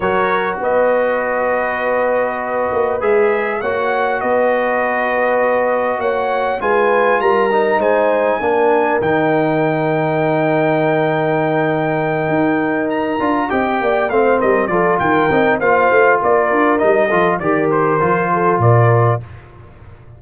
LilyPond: <<
  \new Staff \with { instrumentName = "trumpet" } { \time 4/4 \tempo 4 = 100 cis''4 dis''2.~ | dis''4 e''4 fis''4 dis''4~ | dis''2 fis''4 gis''4 | ais''4 gis''2 g''4~ |
g''1~ | g''4. ais''4 g''4 f''8 | dis''8 d''8 g''4 f''4 d''4 | dis''4 d''8 c''4. d''4 | }
  \new Staff \with { instrumentName = "horn" } { \time 4/4 ais'4 b'2.~ | b'2 cis''4 b'4~ | b'2 cis''4 b'4 | ais'4 c''4 ais'2~ |
ais'1~ | ais'2~ ais'8 dis''8 d''8 c''8 | ais'8 a'8 ais'4 c''4 ais'4~ | ais'8 a'8 ais'4. a'8 ais'4 | }
  \new Staff \with { instrumentName = "trombone" } { \time 4/4 fis'1~ | fis'4 gis'4 fis'2~ | fis'2. f'4~ | f'8 dis'4. d'4 dis'4~ |
dis'1~ | dis'2 f'8 g'4 c'8~ | c'8 f'4 dis'8 f'2 | dis'8 f'8 g'4 f'2 | }
  \new Staff \with { instrumentName = "tuba" } { \time 4/4 fis4 b2.~ | b8 ais8 gis4 ais4 b4~ | b2 ais4 gis4 | g4 gis4 ais4 dis4~ |
dis1~ | dis8 dis'4. d'8 c'8 ais8 a8 | g8 f8 dis8 c'8 ais8 a8 ais8 d'8 | g8 f8 dis4 f4 ais,4 | }
>>